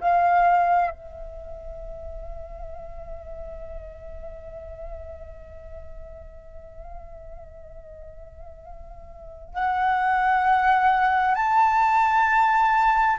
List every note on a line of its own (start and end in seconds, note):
0.00 0.91 F5
0.91 9.54 E5
9.54 11.35 F#5
11.35 13.17 A5